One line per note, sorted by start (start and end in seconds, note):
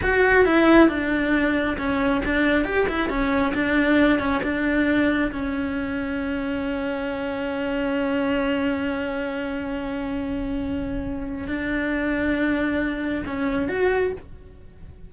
0.02 0.45 F#4
0.45 0.88 E4
0.88 1.76 D4
1.77 2.21 C#4
2.25 2.64 D4
2.64 2.86 G4
2.88 3.09 E4
3.09 3.53 C#4
3.54 4.19 D4
4.19 4.41 C#4
4.43 5.31 D4
5.32 11.47 C#4
11.47 13.24 D4
13.26 13.68 C#4
13.68 14.12 F#4